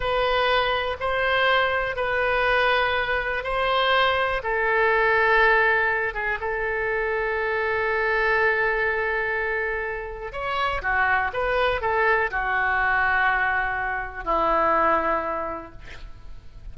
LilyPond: \new Staff \with { instrumentName = "oboe" } { \time 4/4 \tempo 4 = 122 b'2 c''2 | b'2. c''4~ | c''4 a'2.~ | a'8 gis'8 a'2.~ |
a'1~ | a'4 cis''4 fis'4 b'4 | a'4 fis'2.~ | fis'4 e'2. | }